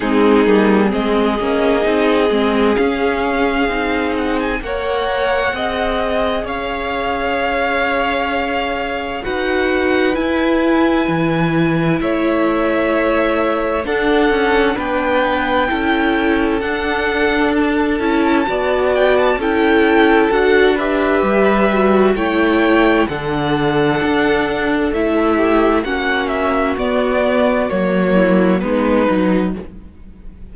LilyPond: <<
  \new Staff \with { instrumentName = "violin" } { \time 4/4 \tempo 4 = 65 gis'4 dis''2 f''4~ | f''8 fis''16 gis''16 fis''2 f''4~ | f''2 fis''4 gis''4~ | gis''4 e''2 fis''4 |
g''2 fis''4 a''4~ | a''8 g''16 a''16 g''4 fis''8 e''4. | g''4 fis''2 e''4 | fis''8 e''8 d''4 cis''4 b'4 | }
  \new Staff \with { instrumentName = "violin" } { \time 4/4 dis'4 gis'2.~ | gis'4 cis''4 dis''4 cis''4~ | cis''2 b'2~ | b'4 cis''2 a'4 |
b'4 a'2. | d''4 a'4. b'4. | cis''4 a'2~ a'8 g'8 | fis'2~ fis'8 e'8 dis'4 | }
  \new Staff \with { instrumentName = "viola" } { \time 4/4 c'8 ais8 c'8 cis'8 dis'8 c'8 cis'4 | dis'4 ais'4 gis'2~ | gis'2 fis'4 e'4~ | e'2. d'4~ |
d'4 e'4 d'4. e'8 | fis'4 e'4 fis'8 g'4 fis'8 | e'4 d'2 e'4 | cis'4 b4 ais4 b8 dis'8 | }
  \new Staff \with { instrumentName = "cello" } { \time 4/4 gis8 g8 gis8 ais8 c'8 gis8 cis'4 | c'4 ais4 c'4 cis'4~ | cis'2 dis'4 e'4 | e4 a2 d'8 cis'8 |
b4 cis'4 d'4. cis'8 | b4 cis'4 d'4 g4 | a4 d4 d'4 a4 | ais4 b4 fis4 gis8 fis8 | }
>>